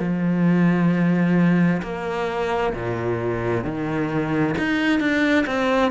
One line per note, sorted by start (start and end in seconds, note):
0.00 1.82 F3
1.83 2.74 A#3
2.74 3.64 A#2
3.64 4.55 D#3
4.59 5.00 D#4
5.00 5.46 D4
5.47 5.92 C4